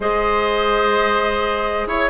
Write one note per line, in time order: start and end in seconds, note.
0.00 1.86 G#3
0.00 2.09 G#4
0.00 1.88 C5
0.00 1.88 D#5
1.86 2.09 E4
1.86 2.09 C#5